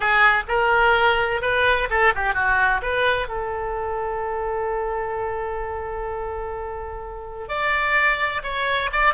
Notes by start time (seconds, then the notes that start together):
0.00 G#4
0.48 A#4
1.41 B4
1.89 A4
2.15 G4
2.34 F#4
2.81 B4
3.28 A4
7.48 D5
8.43 C#5
8.92 D5